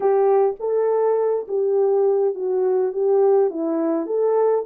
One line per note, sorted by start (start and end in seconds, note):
0.00 0.55 G4
0.59 1.46 A4
1.48 2.34 G4
2.34 2.92 F#4
2.92 3.50 G4
3.50 4.06 E4
4.06 4.64 A4